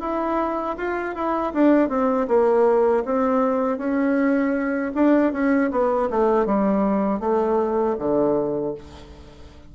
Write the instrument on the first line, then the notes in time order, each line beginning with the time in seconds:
bassoon
0.00 E4
0.77 F4
1.15 E4
1.53 D4
1.88 C4
2.28 A#3
3.04 C4
3.77 C#4
4.94 D4
5.32 C#4
5.71 B3
6.10 A3
6.46 G3
7.19 A3
7.99 D3